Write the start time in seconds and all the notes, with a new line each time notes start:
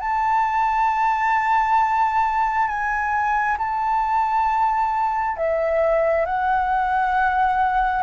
0.00 A5
2.68 G#5
3.58 A5
5.37 E5
6.26 F#5